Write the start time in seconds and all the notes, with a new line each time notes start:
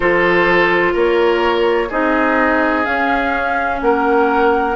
0.00 F3 F4 A4 C5
0.93 A#3 A#4 C#5
1.88 C4 D#4 G#4 D#5
2.83 C#4 F5
3.81 A#3 A#4 F#5